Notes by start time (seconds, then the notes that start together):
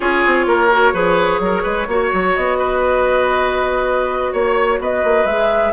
0.00 C#4 F4 G#4 C#5
0.26 C4
0.46 A#3 A#4
0.71 F#4
0.93 F3 G#4 B4
1.39 F#3 A#4
1.63 G#3 B4
1.87 A#3 F#4 C#5
2.13 F#3
2.34 B3 D#5
2.58 B4
4.32 A#3 C#5
4.79 B3 B4 D#5
5.04 A#3
5.24 G#3 G#4 E5